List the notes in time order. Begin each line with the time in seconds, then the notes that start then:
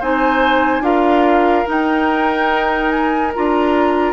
0.00 C4 D#4 C5 G#5
0.81 D4 F4 A#4 F5
1.67 D#4 G5
2.91 G#5
3.35 D4 F4 A#5